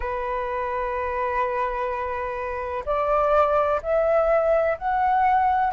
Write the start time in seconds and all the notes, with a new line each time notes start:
0.00 B4
2.85 D5
3.82 E5
4.78 F#5